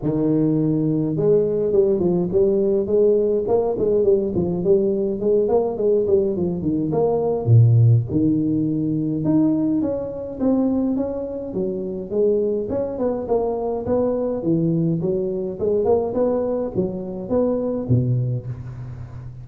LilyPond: \new Staff \with { instrumentName = "tuba" } { \time 4/4 \tempo 4 = 104 dis2 gis4 g8 f8 | g4 gis4 ais8 gis8 g8 f8 | g4 gis8 ais8 gis8 g8 f8 dis8 | ais4 ais,4 dis2 |
dis'4 cis'4 c'4 cis'4 | fis4 gis4 cis'8 b8 ais4 | b4 e4 fis4 gis8 ais8 | b4 fis4 b4 b,4 | }